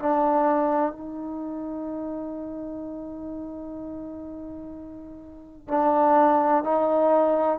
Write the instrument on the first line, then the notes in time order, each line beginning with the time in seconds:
trombone
0.00 D4
0.92 D#4
5.69 D4
6.64 D#4